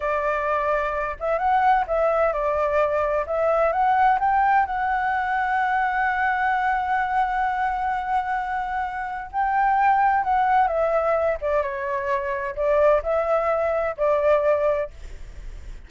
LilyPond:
\new Staff \with { instrumentName = "flute" } { \time 4/4 \tempo 4 = 129 d''2~ d''8 e''8 fis''4 | e''4 d''2 e''4 | fis''4 g''4 fis''2~ | fis''1~ |
fis''1 | g''2 fis''4 e''4~ | e''8 d''8 cis''2 d''4 | e''2 d''2 | }